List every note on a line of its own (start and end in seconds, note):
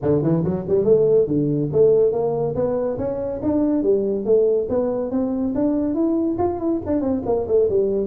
0.01 0.22 D3
0.22 0.43 E3
0.44 0.65 F#3
0.68 0.84 G3
0.84 1.27 A3
1.27 1.69 D3
1.72 2.12 A3
2.12 2.54 A#3
2.55 2.97 B3
2.97 3.40 C#4
3.42 3.82 D4
3.82 4.25 G3
4.25 4.67 A3
4.69 5.11 B3
5.11 5.53 C4
5.54 5.94 D4
5.94 6.37 E4
6.38 6.59 F4
6.59 6.80 E4
6.86 7.00 D4
7.00 7.21 C4
7.25 7.47 A#3
7.47 7.68 A3
7.69 8.06 G3